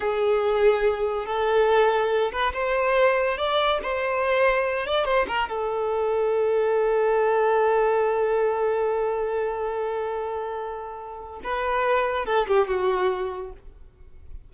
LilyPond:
\new Staff \with { instrumentName = "violin" } { \time 4/4 \tempo 4 = 142 gis'2. a'4~ | a'4. b'8 c''2 | d''4 c''2~ c''8 d''8 | c''8 ais'8 a'2.~ |
a'1~ | a'1~ | a'2. b'4~ | b'4 a'8 g'8 fis'2 | }